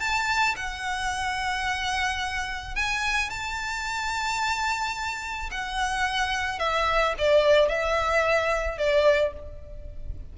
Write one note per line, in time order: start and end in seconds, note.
0.00 0.55 A5
0.56 2.75 F#5
2.75 3.30 G#5
3.30 5.50 A5
5.51 6.59 F#5
6.59 7.14 E5
7.18 7.69 D5
7.69 8.78 E5
8.78 9.33 D5